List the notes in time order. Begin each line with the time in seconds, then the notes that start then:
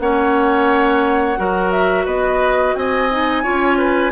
0.00 A#3 C#4 C#5 F#5
1.37 F#3 F#4 A#4
1.71 E5
2.05 B3 B4 D#5
2.75 C4 D#5 G#5
3.11 D#4
3.43 C#4 F4 C#5
3.78 B4